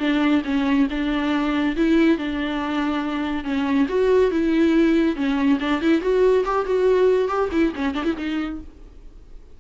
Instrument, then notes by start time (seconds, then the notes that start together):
viola
0.00 D4
0.45 C#4
0.91 D4
1.77 E4
2.18 D4
3.45 C#4
3.89 F#4
4.31 E4
5.16 C#4
5.60 D4
5.82 E4
6.02 F#4
6.46 G4
6.66 F#4
7.29 G4
7.52 E4
7.76 C#4
7.95 D4
8.05 E4
8.18 D#4